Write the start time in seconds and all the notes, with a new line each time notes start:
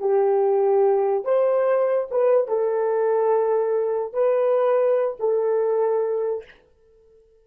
0.00 G4
1.24 C5
2.11 B4
2.48 A4
4.13 B4
5.20 A4